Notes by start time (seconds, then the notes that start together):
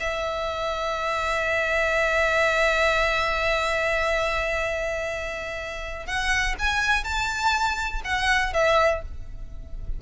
0.00 E5
6.06 F#5
6.59 G#5
7.04 A5
8.04 F#5
8.53 E5